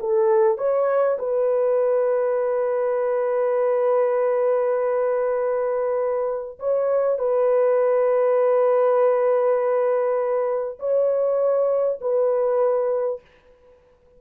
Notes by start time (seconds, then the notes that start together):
0.00 A4
0.58 C#5
1.19 B4
6.60 C#5
7.19 B4
10.80 C#5
12.01 B4